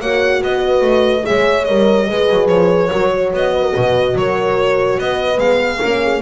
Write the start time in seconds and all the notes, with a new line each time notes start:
0.00 A#3 F#4 C#5 F#5
0.43 B3 B4 D#5
0.81 A3
1.22 G#4 C#5 E5
1.28 G#3
1.64 G3 A#4 D#5
2.07 G#3 G#4 B4
2.29 F#3
2.47 F3 C#5
2.90 F#3 F#4 A#4
3.14 C#5
3.32 B3 D#5
3.54 B4
3.62 A#4
3.73 B2 B4
4.15 F#3 A#4 C#5
4.98 B3 B4 D#5
5.37 G#3 B3 F5
5.78 A#3 C#4 A#4
6.02 G#4